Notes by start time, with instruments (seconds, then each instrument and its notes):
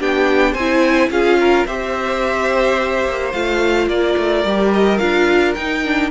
0.00 cello B3, viola D4, violin G4 G5
0.53 cello C4, violin C5 G#5
0.60 viola E4
1.11 cello C#4, viola F4, violin G#4 F5
1.40 violin A#4
1.67 cello C4, viola G4, violin C5 E5
3.06 cello A#3
3.33 cello A3, viola F4, violin F5
3.87 cello A#3, violin A#4 D5
4.18 cello A3
4.45 cello G3, viola G4
4.74 violin D#5
4.98 cello D4, viola F4, violin F5
5.55 cello D#4, viola D#4, violin G5
5.85 viola D4